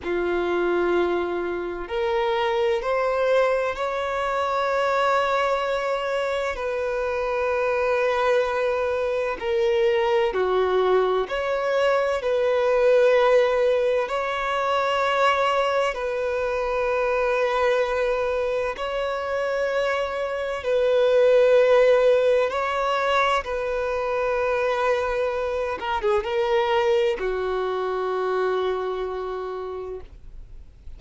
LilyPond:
\new Staff \with { instrumentName = "violin" } { \time 4/4 \tempo 4 = 64 f'2 ais'4 c''4 | cis''2. b'4~ | b'2 ais'4 fis'4 | cis''4 b'2 cis''4~ |
cis''4 b'2. | cis''2 b'2 | cis''4 b'2~ b'8 ais'16 gis'16 | ais'4 fis'2. | }